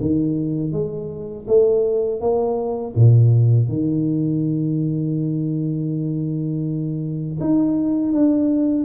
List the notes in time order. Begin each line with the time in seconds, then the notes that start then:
0.00 D#3
0.72 G#3
1.47 A3
2.21 A#3
2.95 A#2
3.69 D#3
7.40 D#4
8.12 D4